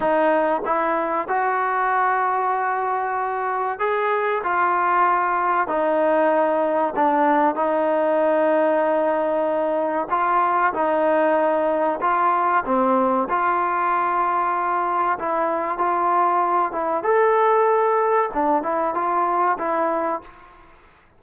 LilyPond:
\new Staff \with { instrumentName = "trombone" } { \time 4/4 \tempo 4 = 95 dis'4 e'4 fis'2~ | fis'2 gis'4 f'4~ | f'4 dis'2 d'4 | dis'1 |
f'4 dis'2 f'4 | c'4 f'2. | e'4 f'4. e'8 a'4~ | a'4 d'8 e'8 f'4 e'4 | }